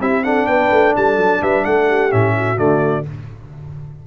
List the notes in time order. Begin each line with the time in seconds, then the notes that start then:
0.00 C4 E4 G4 E5
0.24 D4 A4 F#5
0.47 B3 B4 G5
0.72 A3
0.96 G3 A4 A5
1.17 F#3
1.42 G3 B4 E5
1.65 A3 A4 F#5
1.89 G4
2.11 A2 C#4 E5
2.37 F#4
2.57 D3 A3 D5